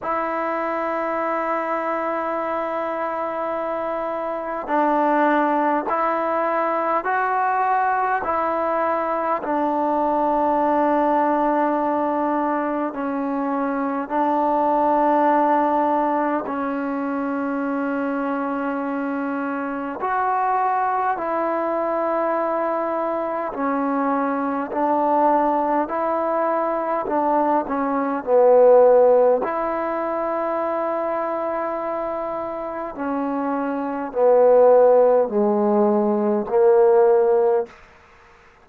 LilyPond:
\new Staff \with { instrumentName = "trombone" } { \time 4/4 \tempo 4 = 51 e'1 | d'4 e'4 fis'4 e'4 | d'2. cis'4 | d'2 cis'2~ |
cis'4 fis'4 e'2 | cis'4 d'4 e'4 d'8 cis'8 | b4 e'2. | cis'4 b4 gis4 ais4 | }